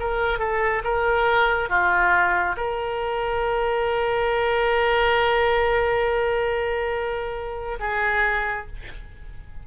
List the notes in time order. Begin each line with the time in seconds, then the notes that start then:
0.00 A#4
0.39 A4
0.84 A#4
1.70 F4
2.57 A#4
7.80 G#4